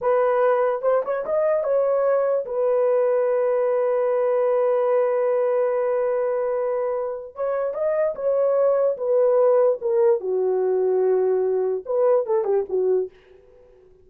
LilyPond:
\new Staff \with { instrumentName = "horn" } { \time 4/4 \tempo 4 = 147 b'2 c''8 cis''8 dis''4 | cis''2 b'2~ | b'1~ | b'1~ |
b'2 cis''4 dis''4 | cis''2 b'2 | ais'4 fis'2.~ | fis'4 b'4 a'8 g'8 fis'4 | }